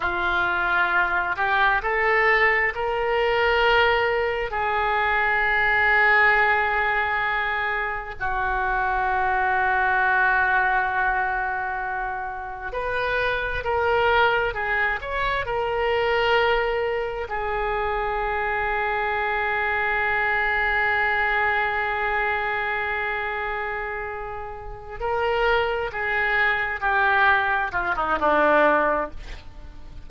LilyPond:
\new Staff \with { instrumentName = "oboe" } { \time 4/4 \tempo 4 = 66 f'4. g'8 a'4 ais'4~ | ais'4 gis'2.~ | gis'4 fis'2.~ | fis'2 b'4 ais'4 |
gis'8 cis''8 ais'2 gis'4~ | gis'1~ | gis'2.~ gis'8 ais'8~ | ais'8 gis'4 g'4 f'16 dis'16 d'4 | }